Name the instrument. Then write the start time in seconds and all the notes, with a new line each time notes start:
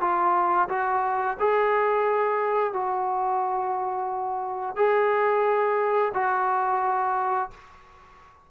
trombone
0.00 F4
0.69 F#4
1.39 G#4
2.73 F#4
4.76 G#4
6.14 F#4